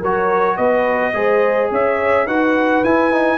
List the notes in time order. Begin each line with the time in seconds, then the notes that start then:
0.00 F#3 F#4 A#4 C#5
0.57 B3 B4 D#5
1.14 G#3 G#4 C5
1.71 C#4 C#5 E5
2.26 D#4 F#4 B4 F#5
2.84 E4 G#5
3.12 D#4